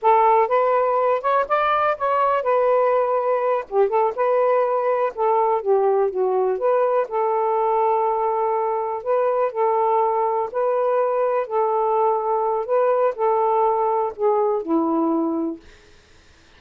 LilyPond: \new Staff \with { instrumentName = "saxophone" } { \time 4/4 \tempo 4 = 123 a'4 b'4. cis''8 d''4 | cis''4 b'2~ b'8 g'8 | a'8 b'2 a'4 g'8~ | g'8 fis'4 b'4 a'4.~ |
a'2~ a'8 b'4 a'8~ | a'4. b'2 a'8~ | a'2 b'4 a'4~ | a'4 gis'4 e'2 | }